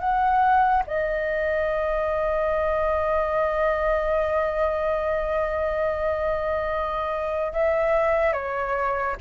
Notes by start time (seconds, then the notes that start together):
0.00 F#5
0.87 D#5
7.53 E5
8.33 C#5